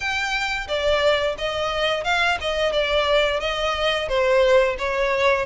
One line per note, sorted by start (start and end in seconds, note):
0.00 0.67 G5
0.68 1.36 D5
1.38 2.04 D#5
2.04 2.38 F5
2.40 2.72 D#5
2.72 3.40 D5
3.40 4.08 D#5
4.08 4.76 C5
4.78 5.45 C#5